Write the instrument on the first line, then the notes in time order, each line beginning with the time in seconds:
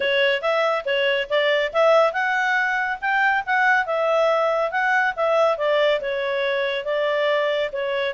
clarinet
0.00 C#5
0.41 E5
0.85 C#5
1.29 D5
1.73 E5
2.12 F#5
3.01 G5
3.45 F#5
3.86 E5
4.71 F#5
5.16 E5
5.57 D5
6.00 C#5
6.84 D5
7.72 C#5